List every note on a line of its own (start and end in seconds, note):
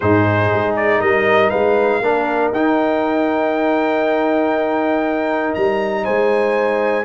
0.00 0.51 G#2
0.00 2.02 D#4
0.00 0.99 G#4
0.00 0.74 C5
0.52 1.01 G#3
0.75 1.01 D5
0.99 1.51 G3
0.99 1.50 A#4
0.99 1.49 D#5
1.49 2.00 G#3
1.49 2.00 B4
1.49 2.50 F5
2.00 2.51 A#3
2.00 2.53 D4
2.00 6.03 A#4
2.51 5.53 D#4
2.51 7.04 D#4
2.51 5.54 G5
5.54 6.07 G3
5.54 6.04 A#5
6.03 7.04 G#3
6.03 7.04 C5
6.03 7.04 G#5